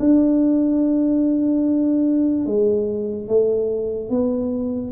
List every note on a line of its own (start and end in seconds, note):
0.00 2.46 D4
2.46 3.28 G#3
3.28 4.10 A3
4.10 4.92 B3